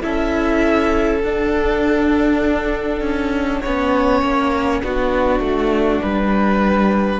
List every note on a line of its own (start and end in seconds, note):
0.00 1.23 C#4
0.00 1.20 E4
0.00 3.60 A4
0.00 1.20 E5
1.20 3.00 D4
1.20 3.65 D4
1.20 7.19 F#5
3.00 3.60 C#4
3.60 4.22 B3
3.60 4.82 C#4
3.60 4.80 C#5
4.22 4.82 A#3
4.82 5.39 B3
4.82 7.19 D4
4.82 6.02 F#4
5.39 5.99 A3
6.02 7.19 G3
6.02 7.19 B4